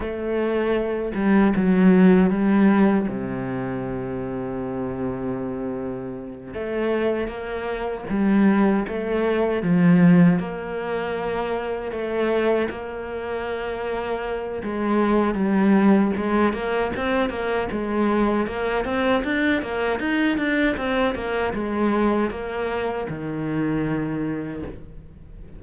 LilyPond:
\new Staff \with { instrumentName = "cello" } { \time 4/4 \tempo 4 = 78 a4. g8 fis4 g4 | c1~ | c8 a4 ais4 g4 a8~ | a8 f4 ais2 a8~ |
a8 ais2~ ais8 gis4 | g4 gis8 ais8 c'8 ais8 gis4 | ais8 c'8 d'8 ais8 dis'8 d'8 c'8 ais8 | gis4 ais4 dis2 | }